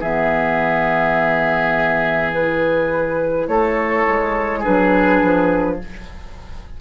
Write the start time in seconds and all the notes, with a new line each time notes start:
0.00 E3 B3 G#4 E5
2.33 E4 B4
3.47 A3 A4 C#5
4.07 G#3
4.59 D4 G#4 B4
4.66 F#3
5.22 F3